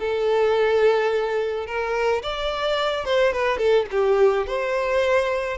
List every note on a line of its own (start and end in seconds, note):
0.00 1.67 A4
1.67 2.22 A#4
2.23 3.05 D5
3.05 3.33 C5
3.33 3.58 B4
3.58 3.86 A4
3.91 4.47 G4
4.47 5.58 C5